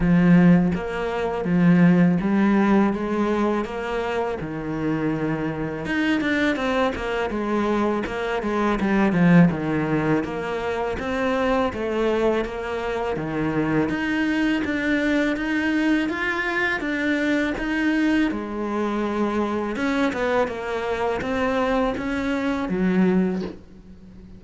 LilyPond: \new Staff \with { instrumentName = "cello" } { \time 4/4 \tempo 4 = 82 f4 ais4 f4 g4 | gis4 ais4 dis2 | dis'8 d'8 c'8 ais8 gis4 ais8 gis8 | g8 f8 dis4 ais4 c'4 |
a4 ais4 dis4 dis'4 | d'4 dis'4 f'4 d'4 | dis'4 gis2 cis'8 b8 | ais4 c'4 cis'4 fis4 | }